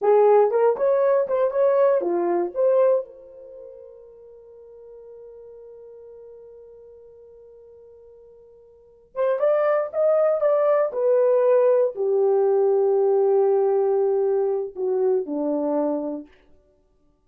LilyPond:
\new Staff \with { instrumentName = "horn" } { \time 4/4 \tempo 4 = 118 gis'4 ais'8 cis''4 c''8 cis''4 | f'4 c''4 ais'2~ | ais'1~ | ais'1~ |
ais'2 c''8 d''4 dis''8~ | dis''8 d''4 b'2 g'8~ | g'1~ | g'4 fis'4 d'2 | }